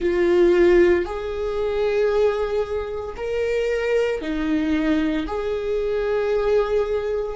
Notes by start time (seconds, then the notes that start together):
0.00 F4
1.05 G#4
3.16 A#4
4.21 D#4
5.26 G#4